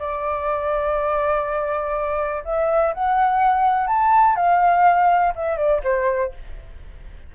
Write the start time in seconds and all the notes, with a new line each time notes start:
0.00 D5
2.45 E5
2.94 F#5
3.87 A5
4.36 F5
5.36 E5
5.58 D5
5.84 C5